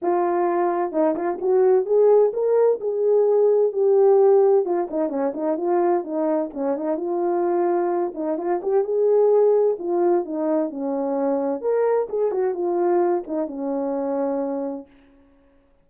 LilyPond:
\new Staff \with { instrumentName = "horn" } { \time 4/4 \tempo 4 = 129 f'2 dis'8 f'8 fis'4 | gis'4 ais'4 gis'2 | g'2 f'8 dis'8 cis'8 dis'8 | f'4 dis'4 cis'8 dis'8 f'4~ |
f'4. dis'8 f'8 g'8 gis'4~ | gis'4 f'4 dis'4 cis'4~ | cis'4 ais'4 gis'8 fis'8 f'4~ | f'8 dis'8 cis'2. | }